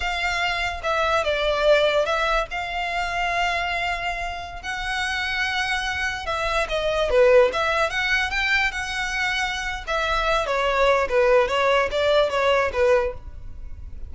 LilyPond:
\new Staff \with { instrumentName = "violin" } { \time 4/4 \tempo 4 = 146 f''2 e''4 d''4~ | d''4 e''4 f''2~ | f''2.~ f''16 fis''8.~ | fis''2.~ fis''16 e''8.~ |
e''16 dis''4 b'4 e''4 fis''8.~ | fis''16 g''4 fis''2~ fis''8. | e''4. cis''4. b'4 | cis''4 d''4 cis''4 b'4 | }